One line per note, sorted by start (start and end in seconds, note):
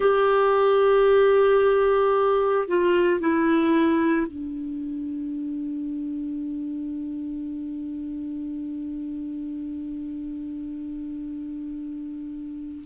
0.00 2.67 G4
2.67 3.19 F4
3.19 4.26 E4
4.26 12.83 D4